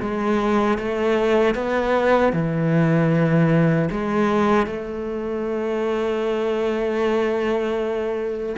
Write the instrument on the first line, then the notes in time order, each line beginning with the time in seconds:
cello
0.00 G#3
0.78 A3
1.54 B3
2.33 E3
3.91 G#3
4.66 A3